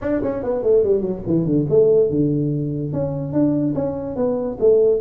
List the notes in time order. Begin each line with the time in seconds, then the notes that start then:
0.01 D4
0.22 C#4
0.43 B3
0.62 A3
0.83 G3
1.01 F#3
1.27 E3
1.45 D3
1.69 A3
2.09 D3
2.92 C#4
3.32 D4
3.74 C#4
4.16 B3
4.59 A3